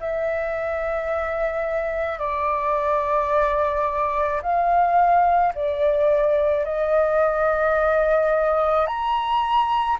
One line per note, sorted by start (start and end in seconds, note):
0.00 2.19 E5
2.19 4.41 D5
4.42 5.54 F5
5.55 6.65 D5
6.65 8.87 D#5
8.87 9.98 A#5